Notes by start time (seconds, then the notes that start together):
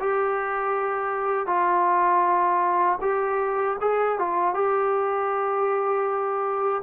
0.00 G4
1.47 F4
3.01 G4
3.81 G#4
4.19 F4
4.55 G4